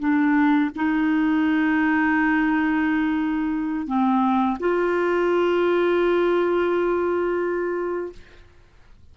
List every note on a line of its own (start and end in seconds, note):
0.00 0.71 D4
0.76 3.87 D#4
3.87 4.58 C4
4.60 8.13 F4